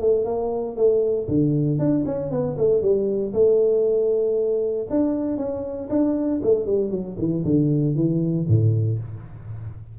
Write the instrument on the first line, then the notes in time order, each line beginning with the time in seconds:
tuba
0.00 A3
0.25 A#3
0.76 A3
1.28 D3
1.79 D4
2.05 C#4
2.31 B3
2.57 A3
2.81 G3
3.33 A3
4.90 D4
5.37 C#4
5.90 D4
6.43 A3
6.66 G3
6.90 F#3
7.18 E3
7.44 D3
7.95 E3
8.48 A2